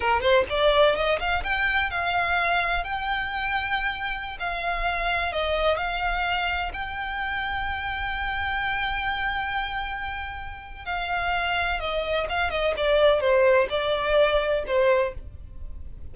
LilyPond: \new Staff \with { instrumentName = "violin" } { \time 4/4 \tempo 4 = 127 ais'8 c''8 d''4 dis''8 f''8 g''4 | f''2 g''2~ | g''4~ g''16 f''2 dis''8.~ | dis''16 f''2 g''4.~ g''16~ |
g''1~ | g''2. f''4~ | f''4 dis''4 f''8 dis''8 d''4 | c''4 d''2 c''4 | }